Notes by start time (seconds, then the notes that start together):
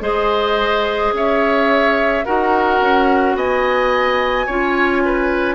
0.00 G#3 G#4 C5 D#5
1.12 C#4 C#5 E5
2.25 D#4 F#4 A#4 F#5
2.81 C#4
3.35 B3 D#5 G#5
4.46 C#4 F4 C#5
5.05 B4